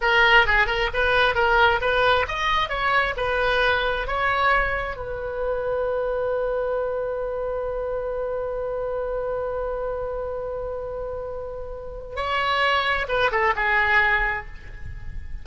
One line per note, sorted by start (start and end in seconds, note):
0.01 0.46 A#4
0.46 0.66 G#4
0.66 0.89 A#4
0.93 1.35 B4
1.35 1.80 A#4
1.81 2.26 B4
2.28 2.69 D#5
2.69 3.14 C#5
3.17 4.07 B4
4.07 4.96 C#5
4.96 12.16 B4
12.16 13.06 C#5
13.08 13.30 B4
13.31 13.54 A4
13.56 14.46 G#4